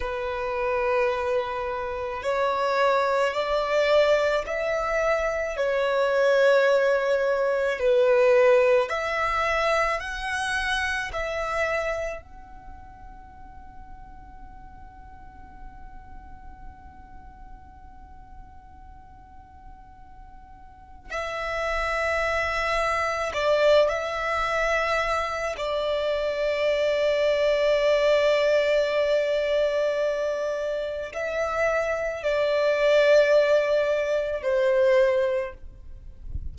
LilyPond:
\new Staff \with { instrumentName = "violin" } { \time 4/4 \tempo 4 = 54 b'2 cis''4 d''4 | e''4 cis''2 b'4 | e''4 fis''4 e''4 fis''4~ | fis''1~ |
fis''2. e''4~ | e''4 d''8 e''4. d''4~ | d''1 | e''4 d''2 c''4 | }